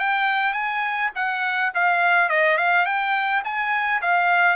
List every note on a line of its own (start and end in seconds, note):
0.00 0.54 G5
0.54 1.11 G#5
1.16 1.73 F#5
1.75 2.29 F5
2.29 2.58 D#5
2.58 2.86 F5
2.86 3.43 G5
3.45 4.02 G#5
4.02 4.57 F5